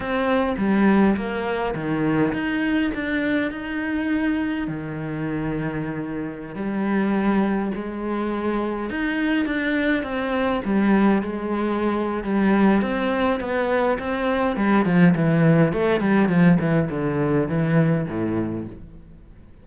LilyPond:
\new Staff \with { instrumentName = "cello" } { \time 4/4 \tempo 4 = 103 c'4 g4 ais4 dis4 | dis'4 d'4 dis'2 | dis2.~ dis16 g8.~ | g4~ g16 gis2 dis'8.~ |
dis'16 d'4 c'4 g4 gis8.~ | gis4 g4 c'4 b4 | c'4 g8 f8 e4 a8 g8 | f8 e8 d4 e4 a,4 | }